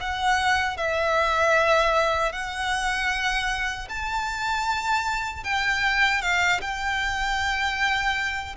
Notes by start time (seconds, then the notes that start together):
0.00 F#5
0.77 E5
2.32 F#5
3.89 A5
5.44 G5
6.21 F5
6.61 G5